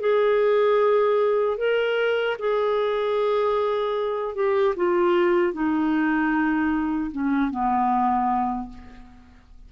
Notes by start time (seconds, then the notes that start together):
0.00 G#4
1.57 A#4
2.39 G#4
4.35 G4
4.76 F4
5.53 D#4
7.11 C#4
7.50 B3